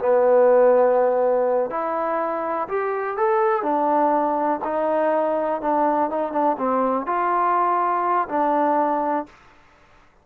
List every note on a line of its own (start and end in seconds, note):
0.00 1.71 B3
1.71 2.68 E4
2.69 3.17 G4
3.17 3.63 A4
3.63 4.61 D4
4.65 5.62 D#4
5.62 6.11 D4
6.11 6.33 D#4
6.33 6.57 D4
6.59 7.07 C4
7.07 8.29 F4
8.29 9.27 D4